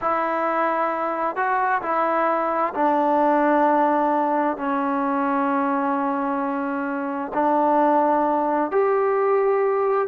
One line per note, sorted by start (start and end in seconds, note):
0.01 1.36 E4
1.36 1.81 F#4
1.82 2.73 E4
2.74 4.57 D4
4.57 7.32 C#4
7.33 8.71 D4
8.71 10.08 G4